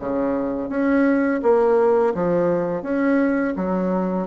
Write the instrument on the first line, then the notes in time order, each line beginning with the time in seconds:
bassoon
0.00 C#3
0.70 C#4
1.43 A#3
2.15 F3
2.83 C#4
3.56 F#3